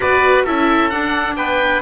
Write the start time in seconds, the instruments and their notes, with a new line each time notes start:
0.00 double bass B3, viola F#4, trumpet B4, oboe D5
0.44 double bass C#4, viola E4, trumpet A4, oboe E5
0.89 viola D4, double bass D4, oboe F#5
1.36 double bass B3, trumpet B4, oboe G5